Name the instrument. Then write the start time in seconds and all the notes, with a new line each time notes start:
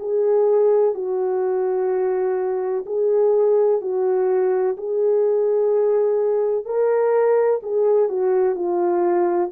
horn
0.00 G#4
0.95 F#4
2.87 G#4
3.81 F#4
4.78 G#4
6.66 A#4
7.64 G#4
8.09 F#4
8.56 F4